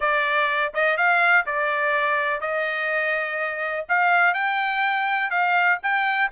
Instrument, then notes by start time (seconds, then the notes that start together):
trumpet
0.00 D5
0.74 D#5
0.97 F5
1.46 D5
2.40 D#5
3.88 F5
4.34 G5
5.30 F5
5.82 G5